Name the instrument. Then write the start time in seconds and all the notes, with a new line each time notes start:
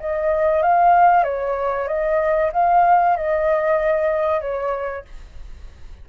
flute
0.00 D#5
0.62 F5
1.24 C#5
1.88 D#5
2.53 F5
3.17 D#5
4.41 C#5